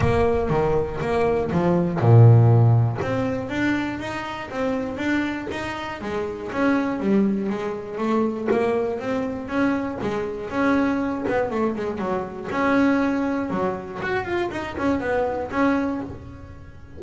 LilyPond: \new Staff \with { instrumentName = "double bass" } { \time 4/4 \tempo 4 = 120 ais4 dis4 ais4 f4 | ais,2 c'4 d'4 | dis'4 c'4 d'4 dis'4 | gis4 cis'4 g4 gis4 |
a4 ais4 c'4 cis'4 | gis4 cis'4. b8 a8 gis8 | fis4 cis'2 fis4 | fis'8 f'8 dis'8 cis'8 b4 cis'4 | }